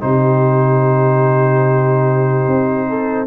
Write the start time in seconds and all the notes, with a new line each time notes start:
0.00 C3 D#4 G4 C5
2.47 C4
2.89 A4